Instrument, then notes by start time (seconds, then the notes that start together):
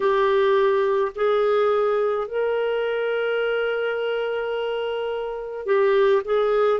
clarinet
0.00 G4
1.15 G#4
2.27 A#4
5.66 G4
6.25 G#4